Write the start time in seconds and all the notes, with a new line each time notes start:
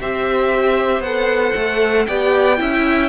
0.00 C4 G4 C5 E5
1.00 B3 F#5
1.06 A4
1.56 A3
2.06 B3 G4 D5 G5
2.58 C#4 E4 E5